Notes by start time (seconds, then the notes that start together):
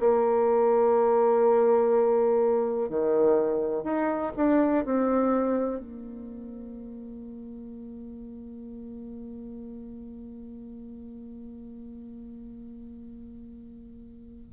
0.00 A#3
2.89 D#3
3.84 D#4
4.37 D4
4.85 C4
5.80 A#3